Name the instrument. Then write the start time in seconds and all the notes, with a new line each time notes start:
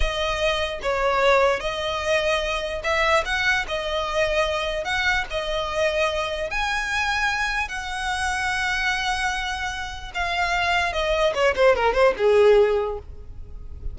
violin
0.00 D#5
0.82 C#5
1.60 D#5
2.83 E5
3.25 F#5
3.67 D#5
4.84 F#5
5.30 D#5
6.50 G#5
7.68 F#5
10.14 F5
10.92 D#5
11.34 C#5
11.55 C5
11.75 A#4
11.93 C5
12.17 G#4